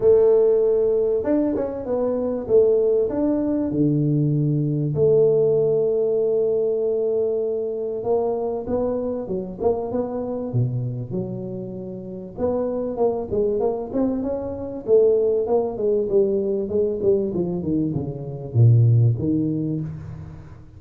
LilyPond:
\new Staff \with { instrumentName = "tuba" } { \time 4/4 \tempo 4 = 97 a2 d'8 cis'8 b4 | a4 d'4 d2 | a1~ | a4 ais4 b4 fis8 ais8 |
b4 b,4 fis2 | b4 ais8 gis8 ais8 c'8 cis'4 | a4 ais8 gis8 g4 gis8 g8 | f8 dis8 cis4 ais,4 dis4 | }